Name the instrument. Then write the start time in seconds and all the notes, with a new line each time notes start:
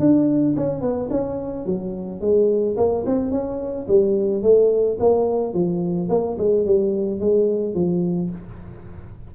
tuba
0.00 D4
0.57 C#4
0.81 B3
1.11 C#4
1.66 F#3
2.21 G#3
2.77 A#3
3.06 C4
3.31 C#4
3.88 G3
4.43 A3
5.00 A#3
5.54 F3
6.09 A#3
6.38 G#3
6.66 G3
7.20 G#3
7.75 F3